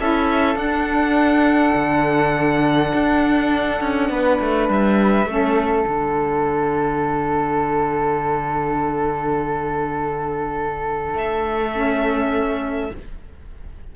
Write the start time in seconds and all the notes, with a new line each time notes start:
0.00 C#4 E4 A4 E5
0.56 D4 F#5
1.75 D3
2.94 D4
3.81 C#4
4.10 B3 B4
4.41 A3
4.69 G3 E5
5.26 A3 C#4 A4
5.86 D3 D4 F#5
11.14 A3 E5
11.73 C#4